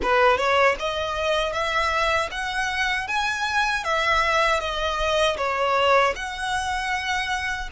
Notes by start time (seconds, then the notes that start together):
0.02 B4
0.37 C#5
0.79 D#5
1.52 E5
2.31 F#5
3.07 G#5
3.84 E5
4.60 D#5
5.37 C#5
6.15 F#5